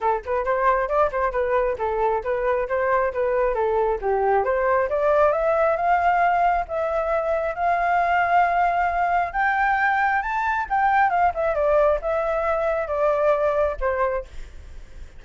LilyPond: \new Staff \with { instrumentName = "flute" } { \time 4/4 \tempo 4 = 135 a'8 b'8 c''4 d''8 c''8 b'4 | a'4 b'4 c''4 b'4 | a'4 g'4 c''4 d''4 | e''4 f''2 e''4~ |
e''4 f''2.~ | f''4 g''2 a''4 | g''4 f''8 e''8 d''4 e''4~ | e''4 d''2 c''4 | }